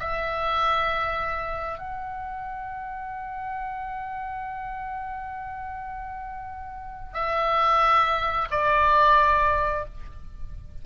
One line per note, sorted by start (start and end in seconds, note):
0.00 1.78 E5
1.78 7.14 F#5
7.14 8.48 E5
8.51 9.85 D5